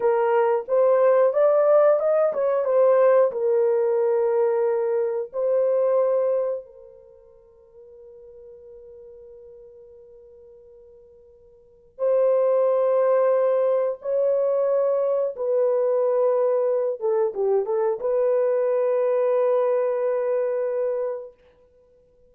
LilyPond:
\new Staff \with { instrumentName = "horn" } { \time 4/4 \tempo 4 = 90 ais'4 c''4 d''4 dis''8 cis''8 | c''4 ais'2. | c''2 ais'2~ | ais'1~ |
ais'2 c''2~ | c''4 cis''2 b'4~ | b'4. a'8 g'8 a'8 b'4~ | b'1 | }